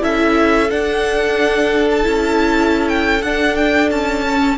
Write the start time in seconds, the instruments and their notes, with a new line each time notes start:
0.00 cello C#4, viola E4, violin A4 E5
0.70 viola D4, cello D4, violin F#5
1.90 violin A5
2.02 cello C#4, viola E4
2.88 violin G5
3.22 cello D4, viola D4, violin F#5
3.55 violin G5
3.90 cello C#4, violin A5
4.25 viola C#4